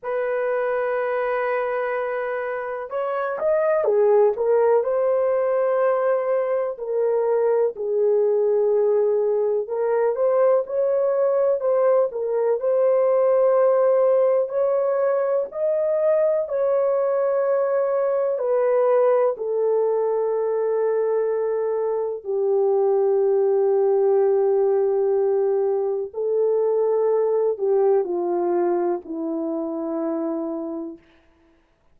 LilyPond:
\new Staff \with { instrumentName = "horn" } { \time 4/4 \tempo 4 = 62 b'2. cis''8 dis''8 | gis'8 ais'8 c''2 ais'4 | gis'2 ais'8 c''8 cis''4 | c''8 ais'8 c''2 cis''4 |
dis''4 cis''2 b'4 | a'2. g'4~ | g'2. a'4~ | a'8 g'8 f'4 e'2 | }